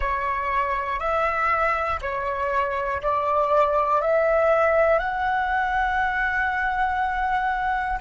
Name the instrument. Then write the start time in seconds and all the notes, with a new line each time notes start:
flute
0.00 C#5
1.00 E5
2.01 C#5
3.01 D5
4.00 E5
4.98 F#5